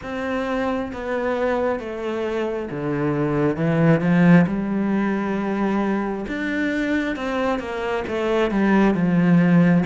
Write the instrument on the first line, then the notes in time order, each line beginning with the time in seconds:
cello
0.02 C4
0.92 B3
1.79 A3
2.70 D3
3.56 E3
4.01 F3
4.47 G3
6.27 D4
7.16 C4
7.59 A#3
8.07 A3
8.50 G3
8.94 F3